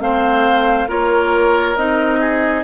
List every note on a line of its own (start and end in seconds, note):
0.00 0.88 A3
0.00 0.89 C4
0.00 0.89 C5
0.00 0.89 F5
0.89 1.77 A#3
0.89 1.77 F4
0.89 2.20 A#4
0.89 1.77 C#5
1.77 2.64 C4
1.77 2.64 D#4
1.77 2.64 D#5
2.20 2.64 G#4